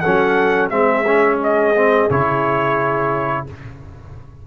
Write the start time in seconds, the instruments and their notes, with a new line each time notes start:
0.00 tuba F#3, trombone C#4, horn A4, trumpet F#5
0.70 tuba G#3, trombone C4, horn G#4, trumpet E5
1.06 trombone C#4
1.43 trumpet D#5
1.75 trombone C4
2.10 tuba C#3, trombone E4, trumpet C#5